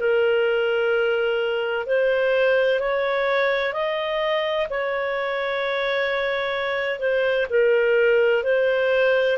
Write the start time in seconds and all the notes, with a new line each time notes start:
0.00 A#4
1.87 C5
2.80 C#5
3.74 D#5
4.70 C#5
7.00 C5
7.50 A#4
8.44 C5